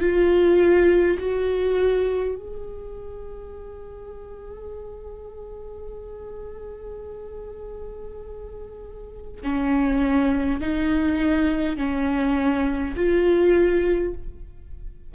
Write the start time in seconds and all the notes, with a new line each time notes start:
0.00 F4
1.19 F#4
2.35 G#4
9.43 C#4
10.60 D#4
11.77 C#4
12.96 F4